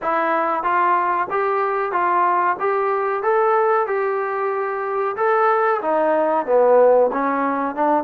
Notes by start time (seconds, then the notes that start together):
0.01 E4
0.63 F4
1.30 G4
1.92 F4
2.59 G4
3.22 A4
3.87 G4
5.16 A4
5.81 D#4
6.45 B3
7.12 C#4
7.75 D4